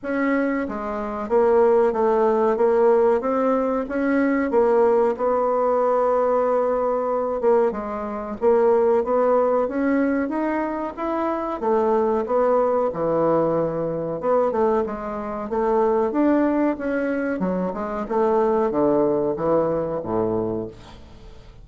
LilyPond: \new Staff \with { instrumentName = "bassoon" } { \time 4/4 \tempo 4 = 93 cis'4 gis4 ais4 a4 | ais4 c'4 cis'4 ais4 | b2.~ b8 ais8 | gis4 ais4 b4 cis'4 |
dis'4 e'4 a4 b4 | e2 b8 a8 gis4 | a4 d'4 cis'4 fis8 gis8 | a4 d4 e4 a,4 | }